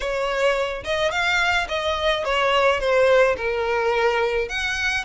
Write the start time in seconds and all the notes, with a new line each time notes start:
0.00 C#5
0.84 D#5
1.11 F5
1.68 D#5
2.24 C#5
2.80 C5
3.36 A#4
4.48 F#5